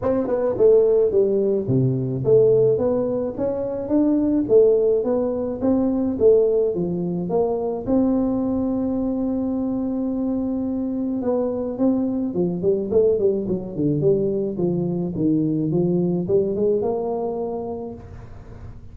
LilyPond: \new Staff \with { instrumentName = "tuba" } { \time 4/4 \tempo 4 = 107 c'8 b8 a4 g4 c4 | a4 b4 cis'4 d'4 | a4 b4 c'4 a4 | f4 ais4 c'2~ |
c'1 | b4 c'4 f8 g8 a8 g8 | fis8 d8 g4 f4 dis4 | f4 g8 gis8 ais2 | }